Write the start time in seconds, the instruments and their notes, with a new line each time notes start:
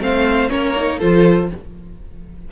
0.00 cello A3, viola C4, violin C5 F5
0.50 cello A#3, viola C#4, violin A#4 C#5
0.76 viola D#4
0.99 cello F3, viola F4, violin A4 C5